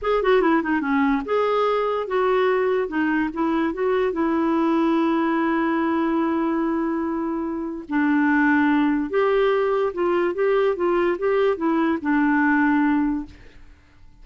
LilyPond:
\new Staff \with { instrumentName = "clarinet" } { \time 4/4 \tempo 4 = 145 gis'8 fis'8 e'8 dis'8 cis'4 gis'4~ | gis'4 fis'2 dis'4 | e'4 fis'4 e'2~ | e'1~ |
e'2. d'4~ | d'2 g'2 | f'4 g'4 f'4 g'4 | e'4 d'2. | }